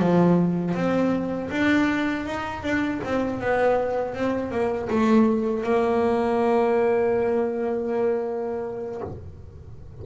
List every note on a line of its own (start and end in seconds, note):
0.00 0.75 F3
0.75 1.50 C4
1.51 2.26 D4
2.26 2.63 D#4
2.63 3.01 D4
3.04 3.41 C4
3.41 4.15 B3
4.15 4.51 C4
4.51 4.89 A#3
4.90 5.64 A3
5.64 9.01 A#3